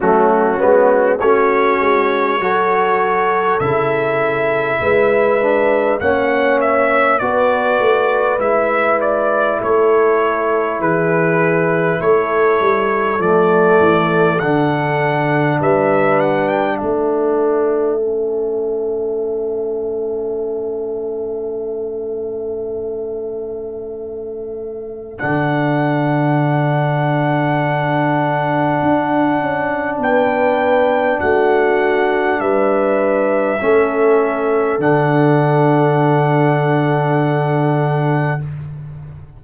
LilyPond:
<<
  \new Staff \with { instrumentName = "trumpet" } { \time 4/4 \tempo 4 = 50 fis'4 cis''2 e''4~ | e''4 fis''8 e''8 d''4 e''8 d''8 | cis''4 b'4 cis''4 d''4 | fis''4 e''8 fis''16 g''16 e''2~ |
e''1~ | e''4 fis''2.~ | fis''4 g''4 fis''4 e''4~ | e''4 fis''2. | }
  \new Staff \with { instrumentName = "horn" } { \time 4/4 cis'4 fis'4 a'2 | b'4 cis''4 b'2 | a'4 gis'4 a'2~ | a'4 b'4 a'2~ |
a'1~ | a'1~ | a'4 b'4 fis'4 b'4 | a'1 | }
  \new Staff \with { instrumentName = "trombone" } { \time 4/4 a8 b8 cis'4 fis'4 e'4~ | e'8 d'8 cis'4 fis'4 e'4~ | e'2. a4 | d'2. cis'4~ |
cis'1~ | cis'4 d'2.~ | d'1 | cis'4 d'2. | }
  \new Staff \with { instrumentName = "tuba" } { \time 4/4 fis8 gis8 a8 gis8 fis4 cis4 | gis4 ais4 b8 a8 gis4 | a4 e4 a8 g8 f8 e8 | d4 g4 a2~ |
a1~ | a4 d2. | d'8 cis'8 b4 a4 g4 | a4 d2. | }
>>